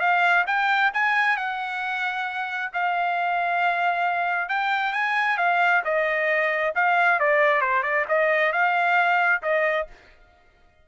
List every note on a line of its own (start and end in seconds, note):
0.00 0.45 F5
0.47 0.92 G5
0.94 1.37 G#5
1.37 2.71 F#5
2.73 4.49 F5
4.49 4.93 G5
4.93 5.38 G#5
5.38 5.82 F5
5.84 6.74 D#5
6.75 7.20 F5
7.20 7.61 D5
7.61 7.83 C5
7.83 8.05 D5
8.08 8.52 D#5
8.52 9.42 F5
9.42 9.87 D#5